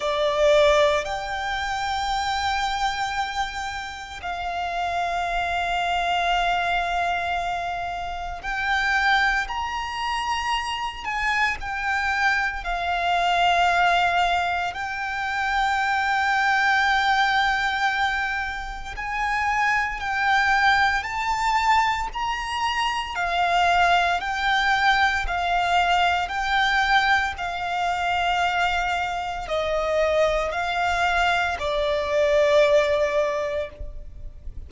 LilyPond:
\new Staff \with { instrumentName = "violin" } { \time 4/4 \tempo 4 = 57 d''4 g''2. | f''1 | g''4 ais''4. gis''8 g''4 | f''2 g''2~ |
g''2 gis''4 g''4 | a''4 ais''4 f''4 g''4 | f''4 g''4 f''2 | dis''4 f''4 d''2 | }